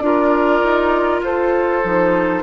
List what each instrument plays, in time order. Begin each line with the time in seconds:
0.00 bassoon D4, clarinet F4, oboe A#4, flute D5
0.63 bassoon D#4
1.21 bassoon F4, oboe A4, flute C5
1.83 bassoon F3, clarinet D#4